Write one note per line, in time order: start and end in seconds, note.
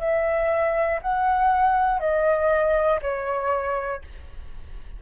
0.00 1.00 E5
1.01 2.00 F#5
2.00 3.00 D#5
3.01 4.01 C#5